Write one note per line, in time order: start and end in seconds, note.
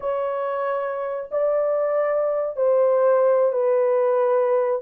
0.00 1.29 C#5
1.31 2.56 D5
2.56 3.52 C5
3.52 4.81 B4